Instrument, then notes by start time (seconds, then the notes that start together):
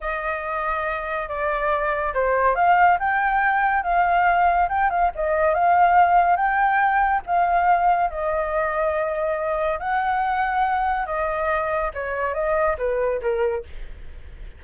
flute
0.01 D#5
1.28 D5
2.14 C5
2.55 F5
2.99 G5
3.83 F5
4.68 G5
4.89 F5
5.15 D#5
5.54 F5
6.36 G5
7.26 F5
8.10 D#5
9.79 F#5
11.06 D#5
11.93 C#5
12.34 D#5
12.78 B4
13.21 A#4